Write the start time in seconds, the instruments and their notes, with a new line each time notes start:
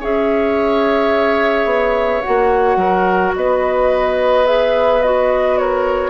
0.00 bassoon C#4, clarinet G#4, oboe C#5, flute E5
1.65 bassoon B3
2.22 clarinet F#4, flute F#5
2.28 bassoon A#3
2.76 bassoon F#3, oboe A#4
3.36 bassoon B3, oboe B4, flute D#5
4.45 clarinet G#4, flute E5
5.02 clarinet F#4, flute D#5
5.58 oboe A#4, flute C#5